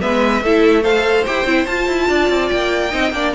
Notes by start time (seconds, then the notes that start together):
0.00 G#3 B3 B4 E5
0.42 A3 E4 A4
0.83 A4 C5 F5
1.26 E4 G4 G5
1.44 C4 E4
1.66 F4 A5
1.88 E4
2.09 D4 D5
2.29 C4
2.49 A#3 G5
2.90 C4 D#4 D#5
3.12 A#3 D4 D5